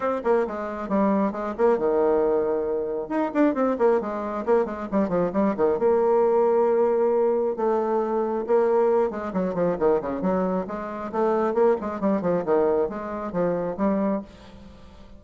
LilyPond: \new Staff \with { instrumentName = "bassoon" } { \time 4/4 \tempo 4 = 135 c'8 ais8 gis4 g4 gis8 ais8 | dis2. dis'8 d'8 | c'8 ais8 gis4 ais8 gis8 g8 f8 | g8 dis8 ais2.~ |
ais4 a2 ais4~ | ais8 gis8 fis8 f8 dis8 cis8 fis4 | gis4 a4 ais8 gis8 g8 f8 | dis4 gis4 f4 g4 | }